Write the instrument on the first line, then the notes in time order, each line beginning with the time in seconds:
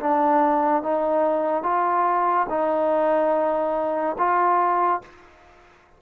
trombone
0.00 D4
0.83 D#4
1.64 F4
2.50 D#4
4.19 F4